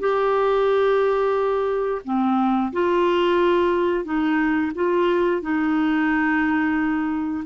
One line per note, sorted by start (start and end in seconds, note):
0.00 2.02 G4
2.05 2.72 C4
2.73 4.05 F4
4.05 4.72 D#4
4.75 5.42 F4
5.42 7.45 D#4